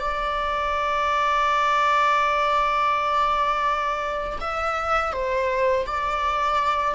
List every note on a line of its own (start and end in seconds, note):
0.00 4.39 D5
4.41 5.13 E5
5.13 5.86 C5
5.86 6.95 D5